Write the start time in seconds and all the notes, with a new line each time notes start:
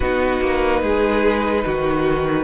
0.00 B3 D#4 F#4 B4
0.41 A#3
0.82 G#3 G#4
1.65 D#3 F#4